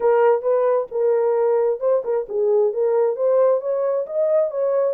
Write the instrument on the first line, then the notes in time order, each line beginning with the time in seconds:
horn
0.00 A#4
0.42 B4
0.91 A#4
1.80 C5
2.04 A#4
2.29 G#4
2.73 A#4
3.16 C5
3.60 C#5
4.06 D#5
4.51 C#5